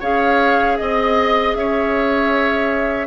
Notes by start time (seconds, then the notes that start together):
0.00 C#4 G#4 C#5 F5
0.77 C4 D#5
1.55 C#4 C#5 E5